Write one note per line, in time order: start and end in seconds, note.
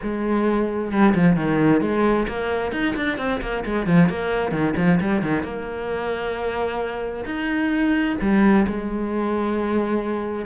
0.02 0.91 G#3
0.91 1.14 G3
1.14 1.35 F3
1.35 1.81 D#3
1.81 2.26 G#3
2.28 2.72 A#3
2.72 2.94 D#4
2.96 3.18 D4
3.18 3.40 C4
3.41 3.63 A#3
3.65 3.86 G#3
3.86 4.09 F3
4.09 4.51 A#3
4.51 4.74 D#3
4.76 4.99 F3
5.00 5.22 G3
5.22 5.43 D#3
5.43 7.25 A#3
7.25 8.16 D#4
8.21 8.66 G3
8.67 10.45 G#3